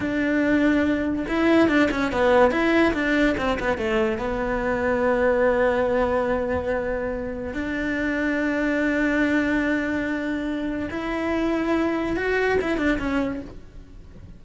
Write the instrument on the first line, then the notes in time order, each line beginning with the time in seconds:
cello
0.00 D4
1.27 E4
1.68 D4
1.91 C#4
2.12 B3
2.51 E4
2.93 D4
3.37 C4
3.59 B3
3.77 A3
4.18 B3
7.53 D4
10.90 E4
12.16 F#4
12.61 E4
12.77 D4
12.98 C#4